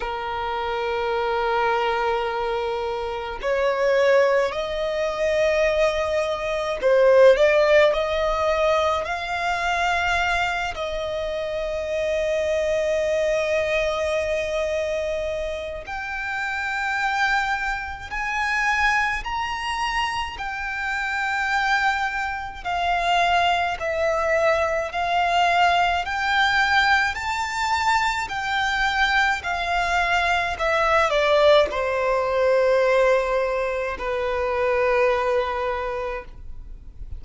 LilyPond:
\new Staff \with { instrumentName = "violin" } { \time 4/4 \tempo 4 = 53 ais'2. cis''4 | dis''2 c''8 d''8 dis''4 | f''4. dis''2~ dis''8~ | dis''2 g''2 |
gis''4 ais''4 g''2 | f''4 e''4 f''4 g''4 | a''4 g''4 f''4 e''8 d''8 | c''2 b'2 | }